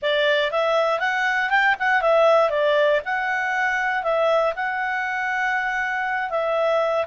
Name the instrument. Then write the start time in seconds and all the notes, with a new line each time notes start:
clarinet
0.02 D5
0.51 E5
0.99 F#5
1.50 G5
1.79 F#5
2.01 E5
2.50 D5
3.04 F#5
4.03 E5
4.55 F#5
6.30 E5